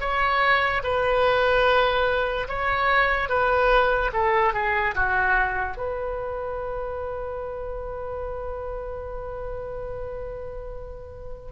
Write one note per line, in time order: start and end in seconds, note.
0.00 0.82 C#5
0.83 2.48 B4
2.48 3.29 C#5
3.29 4.11 B4
4.13 4.53 A4
4.53 4.94 G#4
4.95 5.76 F#4
5.76 11.51 B4